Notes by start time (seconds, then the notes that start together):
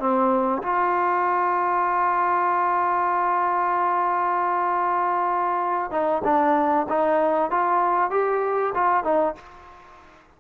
0.00 C4
0.63 F4
5.91 D#4
6.24 D4
6.89 D#4
7.51 F4
8.11 G4
8.75 F4
9.04 D#4